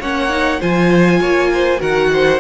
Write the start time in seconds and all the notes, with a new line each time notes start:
0.00 A#3 C#4 C#5 F#5
0.29 D#4
0.60 F3 F4 C5 G#5
1.20 A#3 C#5
1.54 C5
1.78 D#3 F#4 A#4 F#5
2.13 C5